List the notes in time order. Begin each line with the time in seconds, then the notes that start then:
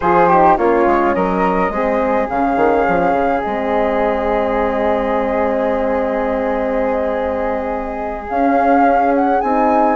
0.00 F3 F4 G#4 C5
0.28 D#4 G4
0.57 A#3 C#4 F4 C#5
0.86 G#3
1.14 F#3 A#4 D#5
1.69 G#3 C4 G#4
2.29 C#3 C#4 F5
2.56 D#3
2.88 F3
3.12 C#3
3.40 G#3 C4 D#5
8.28 C#4 F5
9.14 F#5
9.41 C4 D#4 G#5